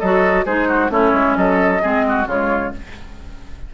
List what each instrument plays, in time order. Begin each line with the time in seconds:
0.00 bassoon F#3, clarinet F#4, oboe A4, flute D#5
0.46 bassoon G#3, clarinet D#4, oboe G#4, flute C5
0.68 oboe F#4
0.90 bassoon A3, clarinet C#4, oboe E4, flute C#5
1.14 bassoon G#3
1.36 bassoon F#3, oboe A4, flute D#5
1.82 bassoon G#3, clarinet C4, oboe G#4
2.09 oboe F#4
2.27 bassoon C#3, clarinet G#3, oboe F4, flute C#5